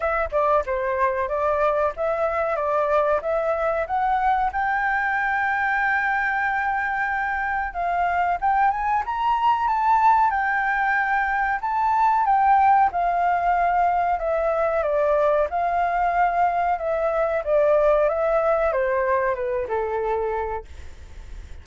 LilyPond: \new Staff \with { instrumentName = "flute" } { \time 4/4 \tempo 4 = 93 e''8 d''8 c''4 d''4 e''4 | d''4 e''4 fis''4 g''4~ | g''1 | f''4 g''8 gis''8 ais''4 a''4 |
g''2 a''4 g''4 | f''2 e''4 d''4 | f''2 e''4 d''4 | e''4 c''4 b'8 a'4. | }